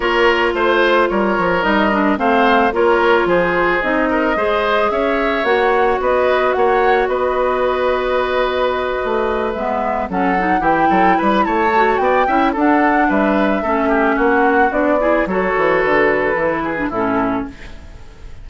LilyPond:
<<
  \new Staff \with { instrumentName = "flute" } { \time 4/4 \tempo 4 = 110 cis''4 c''4 cis''4 dis''4 | f''4 cis''4 c''4 dis''4~ | dis''4 e''4 fis''4 dis''4 | fis''4 dis''2.~ |
dis''4. e''4 fis''4 g''8~ | g''8 b''8 a''4 g''4 fis''4 | e''2 fis''4 d''4 | cis''4 b'2 a'4 | }
  \new Staff \with { instrumentName = "oboe" } { \time 4/4 ais'4 c''4 ais'2 | c''4 ais'4 gis'4. ais'8 | c''4 cis''2 b'4 | cis''4 b'2.~ |
b'2~ b'8 a'4 g'8 | a'8 b'8 cis''4 d''8 e''8 a'4 | b'4 a'8 g'8 fis'4. gis'8 | a'2~ a'8 gis'8 e'4 | }
  \new Staff \with { instrumentName = "clarinet" } { \time 4/4 f'2. dis'8 d'8 | c'4 f'2 dis'4 | gis'2 fis'2~ | fis'1~ |
fis'4. b4 cis'8 dis'8 e'8~ | e'4. fis'4 e'8 d'4~ | d'4 cis'2 d'8 e'8 | fis'2 e'8. d'16 cis'4 | }
  \new Staff \with { instrumentName = "bassoon" } { \time 4/4 ais4 a4 g8 f8 g4 | a4 ais4 f4 c'4 | gis4 cis'4 ais4 b4 | ais4 b2.~ |
b8 a4 gis4 fis4 e8 | fis8 g8 a4 b8 cis'8 d'4 | g4 a4 ais4 b4 | fis8 e8 d4 e4 a,4 | }
>>